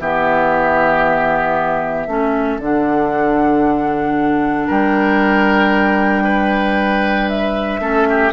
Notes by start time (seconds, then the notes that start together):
0.00 E3 B3 G4 E5
2.07 A3 C#4 A4
2.58 D3 D4 F#5
4.67 G3 A#4 G5
6.24 B4
7.29 E5
7.80 A3 C#4 A4
8.10 G4